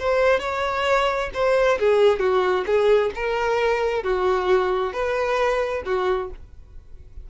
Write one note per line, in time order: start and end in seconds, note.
0.00 0.40 C5
0.40 1.31 C#5
1.34 1.79 C5
1.80 2.20 G#4
2.20 2.65 F#4
2.67 3.12 G#4
3.15 4.04 A#4
4.04 4.93 F#4
4.93 5.84 B4
5.86 6.31 F#4